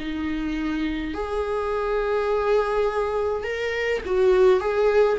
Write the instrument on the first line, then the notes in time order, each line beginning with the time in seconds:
viola
0.00 D#4
1.14 G#4
3.44 A#4
4.06 F#4
4.60 G#4